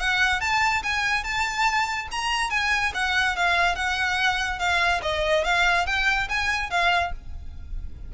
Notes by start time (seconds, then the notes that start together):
0.00 F#5
0.41 A5
0.84 G#5
1.24 A5
2.12 A#5
2.51 G#5
2.95 F#5
3.37 F5
3.76 F#5
4.60 F5
5.03 D#5
5.45 F5
5.87 G5
6.30 G#5
6.71 F5